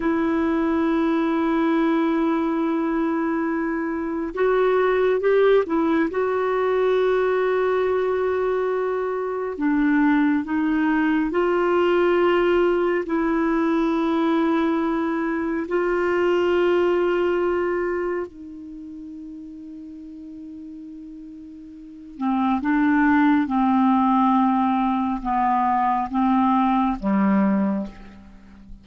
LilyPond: \new Staff \with { instrumentName = "clarinet" } { \time 4/4 \tempo 4 = 69 e'1~ | e'4 fis'4 g'8 e'8 fis'4~ | fis'2. d'4 | dis'4 f'2 e'4~ |
e'2 f'2~ | f'4 dis'2.~ | dis'4. c'8 d'4 c'4~ | c'4 b4 c'4 g4 | }